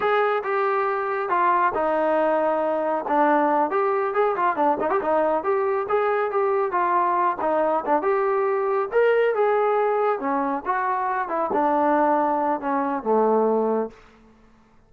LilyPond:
\new Staff \with { instrumentName = "trombone" } { \time 4/4 \tempo 4 = 138 gis'4 g'2 f'4 | dis'2. d'4~ | d'8 g'4 gis'8 f'8 d'8 dis'16 g'16 dis'8~ | dis'8 g'4 gis'4 g'4 f'8~ |
f'4 dis'4 d'8 g'4.~ | g'8 ais'4 gis'2 cis'8~ | cis'8 fis'4. e'8 d'4.~ | d'4 cis'4 a2 | }